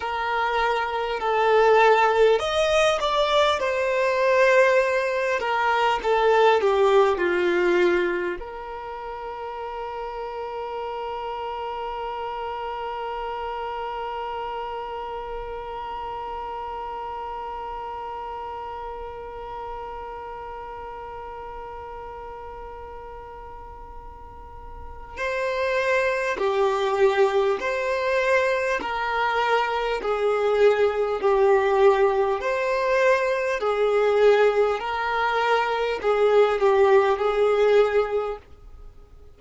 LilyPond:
\new Staff \with { instrumentName = "violin" } { \time 4/4 \tempo 4 = 50 ais'4 a'4 dis''8 d''8 c''4~ | c''8 ais'8 a'8 g'8 f'4 ais'4~ | ais'1~ | ais'1~ |
ais'1~ | ais'4 c''4 g'4 c''4 | ais'4 gis'4 g'4 c''4 | gis'4 ais'4 gis'8 g'8 gis'4 | }